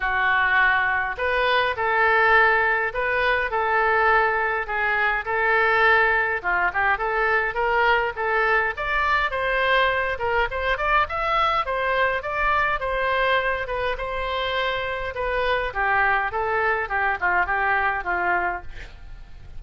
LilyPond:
\new Staff \with { instrumentName = "oboe" } { \time 4/4 \tempo 4 = 103 fis'2 b'4 a'4~ | a'4 b'4 a'2 | gis'4 a'2 f'8 g'8 | a'4 ais'4 a'4 d''4 |
c''4. ais'8 c''8 d''8 e''4 | c''4 d''4 c''4. b'8 | c''2 b'4 g'4 | a'4 g'8 f'8 g'4 f'4 | }